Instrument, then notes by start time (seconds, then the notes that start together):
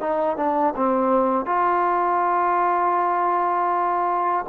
trombone
0.00 D#4
0.36 D4
0.76 C4
1.46 F4